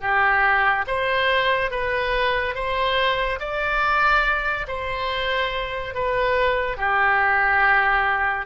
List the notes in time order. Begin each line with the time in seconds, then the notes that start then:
0.00 G4
0.87 C5
1.71 B4
2.54 C5
3.39 D5
4.67 C5
5.94 B4
6.77 G4